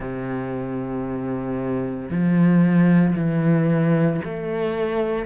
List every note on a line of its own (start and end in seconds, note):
0.00 2.09 C3
2.10 3.15 F3
3.15 4.21 E3
4.24 5.25 A3